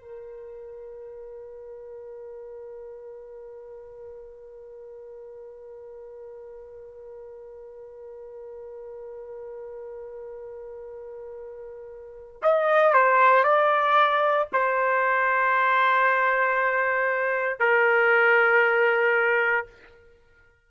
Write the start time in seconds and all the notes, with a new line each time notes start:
0.00 A#4
12.42 D#5
12.93 C5
13.43 D5
14.53 C5
17.59 A#4